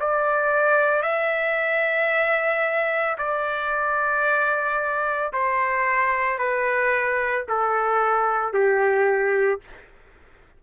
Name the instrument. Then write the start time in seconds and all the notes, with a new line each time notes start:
trumpet
0.00 D5
1.03 E5
3.19 D5
5.33 C5
6.38 B4
7.49 A4
8.54 G4